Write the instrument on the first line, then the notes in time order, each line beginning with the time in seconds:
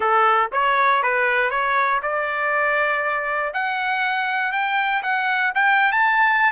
trumpet
0.00 A4
0.52 C#5
1.02 B4
1.50 C#5
2.02 D5
3.53 F#5
4.51 G5
5.02 F#5
5.55 G5
5.92 A5